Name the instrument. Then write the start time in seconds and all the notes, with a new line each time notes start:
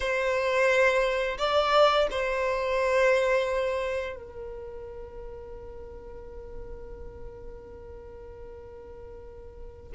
violin
0.00 C5
1.38 D5
2.11 C5
4.15 A#4